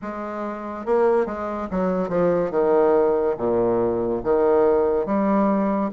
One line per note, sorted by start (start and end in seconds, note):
0.02 0.85 G#3
0.85 1.26 A#3
1.26 1.68 G#3
1.71 2.08 F#3
2.08 2.50 F3
2.50 3.35 D#3
3.37 4.22 A#2
4.23 5.06 D#3
5.06 5.90 G3